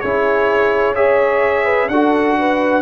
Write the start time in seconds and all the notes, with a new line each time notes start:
0.00 C#4 E4 G#4 C#5
0.95 G#4 C#5 E5
1.64 B4
1.88 D4 F#4 A4 F#5
2.38 B4